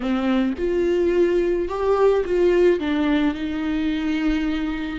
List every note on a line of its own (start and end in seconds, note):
0.00 0.53 C4
0.58 1.68 F4
1.68 2.24 G4
2.24 2.79 F4
2.79 3.34 D4
3.34 4.99 D#4